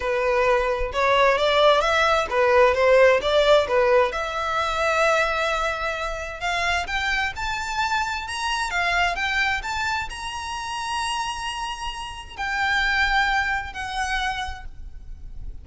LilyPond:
\new Staff \with { instrumentName = "violin" } { \time 4/4 \tempo 4 = 131 b'2 cis''4 d''4 | e''4 b'4 c''4 d''4 | b'4 e''2.~ | e''2 f''4 g''4 |
a''2 ais''4 f''4 | g''4 a''4 ais''2~ | ais''2. g''4~ | g''2 fis''2 | }